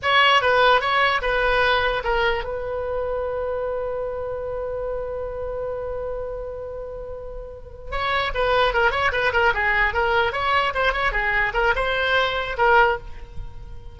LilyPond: \new Staff \with { instrumentName = "oboe" } { \time 4/4 \tempo 4 = 148 cis''4 b'4 cis''4 b'4~ | b'4 ais'4 b'2~ | b'1~ | b'1~ |
b'2.~ b'8 cis''8~ | cis''8 b'4 ais'8 cis''8 b'8 ais'8 gis'8~ | gis'8 ais'4 cis''4 c''8 cis''8 gis'8~ | gis'8 ais'8 c''2 ais'4 | }